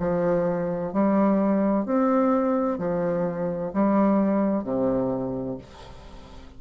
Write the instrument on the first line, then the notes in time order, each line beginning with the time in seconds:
bassoon
0.00 F3
0.94 G3
1.86 C4
2.79 F3
3.74 G3
4.64 C3